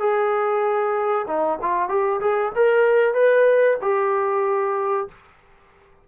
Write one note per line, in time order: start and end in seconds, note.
0.00 1.26 G#4
1.27 1.59 D#4
1.62 1.89 F4
1.89 2.20 G4
2.20 2.52 G#4
2.56 3.14 A#4
3.14 3.78 B4
3.82 5.08 G4